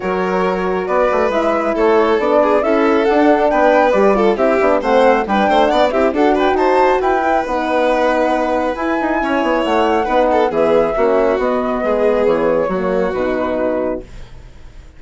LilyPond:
<<
  \new Staff \with { instrumentName = "flute" } { \time 4/4 \tempo 4 = 137 cis''2 d''4 e''4 | cis''4 d''4 e''4 fis''4 | g''4 d''4 e''4 fis''4 | g''4 fis''8 e''8 fis''8 g''8 a''4 |
g''4 fis''2. | gis''2 fis''2 | e''2 dis''2 | cis''2 b'2 | }
  \new Staff \with { instrumentName = "violin" } { \time 4/4 ais'2 b'2 | a'4. gis'8 a'2 | b'4. a'8 g'4 c''4 | b'8 c''8 d''8 g'8 a'8 b'8 c''4 |
b'1~ | b'4 cis''2 b'8 a'8 | gis'4 fis'2 gis'4~ | gis'4 fis'2. | }
  \new Staff \with { instrumentName = "horn" } { \time 4/4 fis'2. e'4~ | e'4 d'4 e'4 d'4~ | d'4 g'8 f'8 e'8 d'8 c'4 | d'4. e'8 fis'2~ |
fis'8 e'8 dis'2. | e'2. dis'4 | b4 cis'4 b2~ | b4 ais4 dis'2 | }
  \new Staff \with { instrumentName = "bassoon" } { \time 4/4 fis2 b8 a8 gis4 | a4 b4 cis'4 d'4 | b4 g4 c'8 b8 a4 | g8 a8 b8 c'8 d'4 dis'4 |
e'4 b2. | e'8 dis'8 cis'8 b8 a4 b4 | e4 ais4 b4 gis4 | e4 fis4 b,2 | }
>>